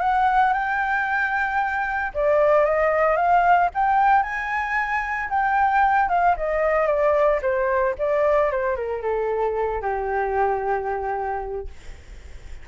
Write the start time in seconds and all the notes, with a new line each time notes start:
0.00 F#5
0.53 G5
2.14 D5
2.65 D#5
3.16 F5
3.74 G5
4.23 G#5
5.30 G5
6.09 F5
6.37 D#5
6.87 D5
7.42 C5
7.98 D5
8.51 C5
8.76 A#4
9.02 A4
9.82 G4